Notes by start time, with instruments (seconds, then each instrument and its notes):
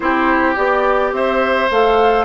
0.00 bassoon C4, clarinet E4, oboe G4, flute C5
0.55 bassoon B3, clarinet G4, flute D5
1.12 bassoon C4, oboe C5, flute E5
1.70 bassoon A3, clarinet A4, flute F5